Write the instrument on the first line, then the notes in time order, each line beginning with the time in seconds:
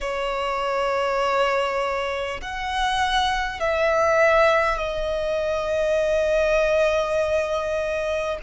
violin
0.00 C#5
2.41 F#5
3.59 E5
4.77 D#5